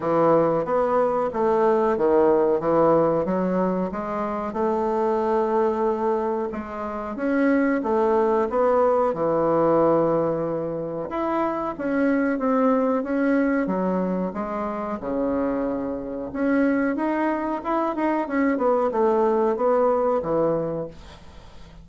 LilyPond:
\new Staff \with { instrumentName = "bassoon" } { \time 4/4 \tempo 4 = 92 e4 b4 a4 dis4 | e4 fis4 gis4 a4~ | a2 gis4 cis'4 | a4 b4 e2~ |
e4 e'4 cis'4 c'4 | cis'4 fis4 gis4 cis4~ | cis4 cis'4 dis'4 e'8 dis'8 | cis'8 b8 a4 b4 e4 | }